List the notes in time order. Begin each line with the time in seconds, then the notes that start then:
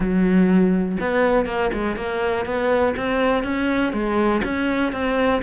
0.00 F#3
1.00 B3
1.46 A#3
1.73 G#3
1.96 A#3
2.45 B3
2.96 C4
3.43 C#4
3.92 G#3
4.44 C#4
4.92 C4